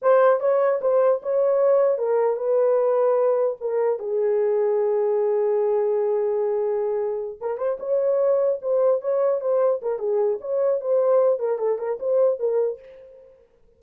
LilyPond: \new Staff \with { instrumentName = "horn" } { \time 4/4 \tempo 4 = 150 c''4 cis''4 c''4 cis''4~ | cis''4 ais'4 b'2~ | b'4 ais'4 gis'2~ | gis'1~ |
gis'2~ gis'8 ais'8 c''8 cis''8~ | cis''4. c''4 cis''4 c''8~ | c''8 ais'8 gis'4 cis''4 c''4~ | c''8 ais'8 a'8 ais'8 c''4 ais'4 | }